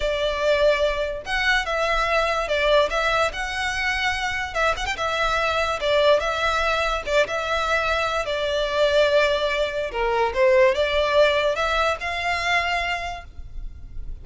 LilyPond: \new Staff \with { instrumentName = "violin" } { \time 4/4 \tempo 4 = 145 d''2. fis''4 | e''2 d''4 e''4 | fis''2. e''8 fis''16 g''16 | e''2 d''4 e''4~ |
e''4 d''8 e''2~ e''8 | d''1 | ais'4 c''4 d''2 | e''4 f''2. | }